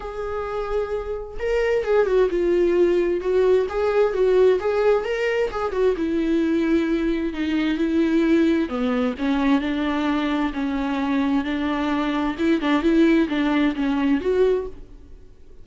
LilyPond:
\new Staff \with { instrumentName = "viola" } { \time 4/4 \tempo 4 = 131 gis'2. ais'4 | gis'8 fis'8 f'2 fis'4 | gis'4 fis'4 gis'4 ais'4 | gis'8 fis'8 e'2. |
dis'4 e'2 b4 | cis'4 d'2 cis'4~ | cis'4 d'2 e'8 d'8 | e'4 d'4 cis'4 fis'4 | }